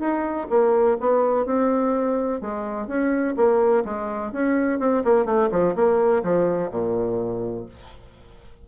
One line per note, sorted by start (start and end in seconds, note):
0.00 0.48 D#4
0.50 0.98 A#3
1.01 1.46 B3
1.46 2.41 C4
2.41 2.88 G#3
2.88 3.35 C#4
3.37 3.85 A#3
3.85 4.32 G#3
4.33 4.80 C#4
4.80 5.04 C4
5.05 5.26 A#3
5.26 5.50 A3
5.52 5.75 F3
5.76 6.23 A#3
6.24 6.71 F3
6.71 7.66 A#2